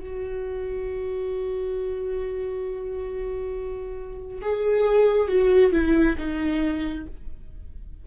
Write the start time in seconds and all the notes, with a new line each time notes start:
0.00 F#4
4.42 G#4
5.28 F#4
5.72 E4
6.18 D#4